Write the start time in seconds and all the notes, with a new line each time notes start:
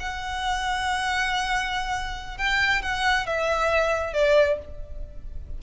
0.00 F#5
2.38 G5
2.82 F#5
3.27 E5
4.13 D5